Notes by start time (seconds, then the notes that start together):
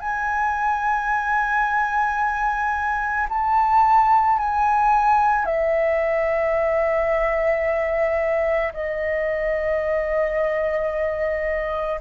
0.00 G#5
3.29 A5
4.39 G#5
5.45 E5
8.74 D#5